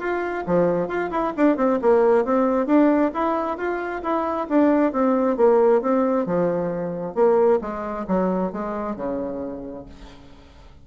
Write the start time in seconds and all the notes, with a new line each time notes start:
0.00 F4
0.46 F3
0.88 F4
1.11 E4
1.37 D4
1.57 C4
1.82 A#3
2.25 C4
2.67 D4
3.14 E4
3.58 F4
4.03 E4
4.49 D4
4.93 C4
5.37 A#3
5.82 C4
6.26 F3
7.15 A#3
7.61 G#3
8.08 F#3
8.53 G#3
8.96 C#3